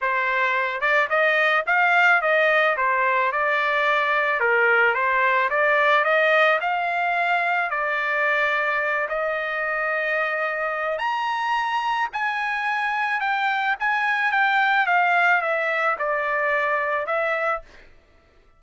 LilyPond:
\new Staff \with { instrumentName = "trumpet" } { \time 4/4 \tempo 4 = 109 c''4. d''8 dis''4 f''4 | dis''4 c''4 d''2 | ais'4 c''4 d''4 dis''4 | f''2 d''2~ |
d''8 dis''2.~ dis''8 | ais''2 gis''2 | g''4 gis''4 g''4 f''4 | e''4 d''2 e''4 | }